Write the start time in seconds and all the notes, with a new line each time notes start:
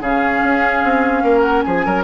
0.00 C#3 C#4 G#4 F5
0.43 C#4
0.83 C4
1.23 A#3 A#4
1.41 F#5
1.62 F3 G#4 G#5
1.85 F#3 A#4